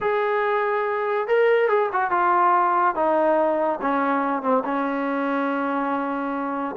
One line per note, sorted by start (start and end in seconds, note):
0.00 1.27 G#4
1.27 1.68 A#4
1.68 1.89 G#4
1.92 2.10 F#4
2.10 2.95 F4
2.95 3.79 D#4
3.81 4.42 C#4
4.42 4.63 C4
4.64 6.75 C#4